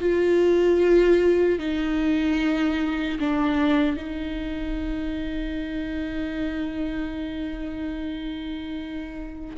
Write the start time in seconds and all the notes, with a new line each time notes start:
0.00 F4
1.59 D#4
3.19 D4
3.96 D#4